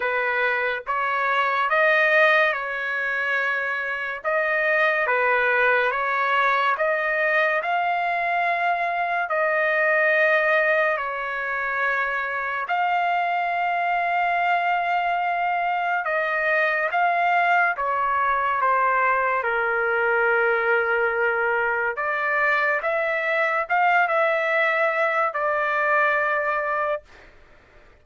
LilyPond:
\new Staff \with { instrumentName = "trumpet" } { \time 4/4 \tempo 4 = 71 b'4 cis''4 dis''4 cis''4~ | cis''4 dis''4 b'4 cis''4 | dis''4 f''2 dis''4~ | dis''4 cis''2 f''4~ |
f''2. dis''4 | f''4 cis''4 c''4 ais'4~ | ais'2 d''4 e''4 | f''8 e''4. d''2 | }